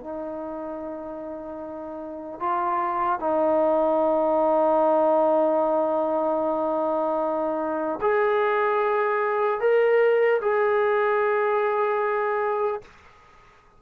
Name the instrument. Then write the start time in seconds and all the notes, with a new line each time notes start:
trombone
0.00 D#4
2.39 F4
3.19 D#4
8.01 G#4
9.60 A#4
10.41 G#4